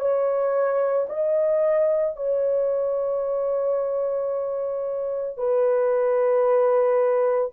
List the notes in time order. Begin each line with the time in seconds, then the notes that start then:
0.00 C#5
1.10 D#5
2.17 C#5
5.38 B4